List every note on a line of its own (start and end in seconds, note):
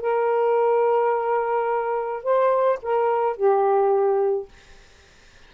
0.00 2.23 A#4
2.23 2.79 C5
2.82 3.36 A#4
3.36 4.48 G4